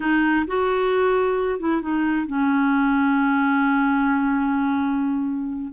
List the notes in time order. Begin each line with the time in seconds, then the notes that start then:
0.00 D#4
0.47 F#4
1.59 E4
1.81 D#4
2.26 C#4